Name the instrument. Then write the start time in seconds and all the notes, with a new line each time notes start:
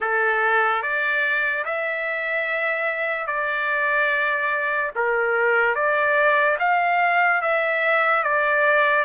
trumpet
0.00 A4
0.82 D5
1.64 E5
3.27 D5
4.95 A#4
5.75 D5
6.59 F5
7.41 E5
8.23 D5